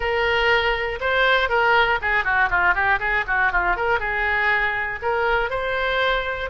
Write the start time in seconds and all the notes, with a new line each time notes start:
0.00 A#4
1.00 C5
1.49 A#4
2.01 G#4
2.24 F#4
2.50 F4
2.74 G4
2.99 G#4
3.27 F#4
3.51 F4
3.76 A#4
3.99 G#4
5.02 A#4
5.50 C5